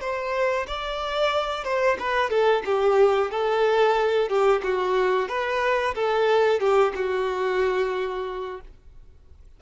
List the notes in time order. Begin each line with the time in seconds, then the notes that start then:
0.00 C5
0.67 D5
1.64 C5
1.99 B4
2.30 A4
2.65 G4
3.31 A4
4.28 G4
4.63 F#4
5.28 B4
5.94 A4
6.60 G4
6.95 F#4